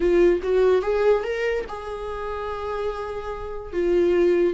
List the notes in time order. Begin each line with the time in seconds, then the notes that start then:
0.00 F4
0.42 F#4
0.82 G#4
1.23 A#4
1.68 G#4
3.73 F4